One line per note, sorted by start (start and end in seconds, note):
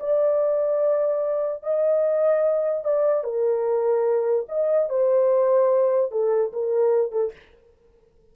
0.00 1.63 D5
1.63 2.84 D#5
2.84 3.24 D5
3.24 4.46 A#4
4.49 4.90 D#5
4.90 6.12 C5
6.12 6.53 A4
6.53 7.12 A#4
7.12 7.32 A4